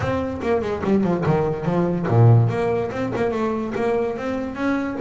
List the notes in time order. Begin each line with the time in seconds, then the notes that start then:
0.00 C4
0.42 A#3
0.61 G#3
0.84 G3
1.03 F3
1.25 D#3
1.65 F3
2.08 A#2
2.48 A#3
2.91 C4
3.15 A#3
3.31 A3
3.75 A#3
4.17 C4
4.55 C#4